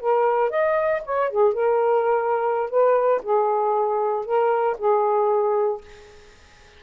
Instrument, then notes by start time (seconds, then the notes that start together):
saxophone
0.00 A#4
0.50 D#5
1.05 C#5
1.30 G#4
1.53 A#4
2.70 B4
3.23 G#4
4.25 A#4
4.78 G#4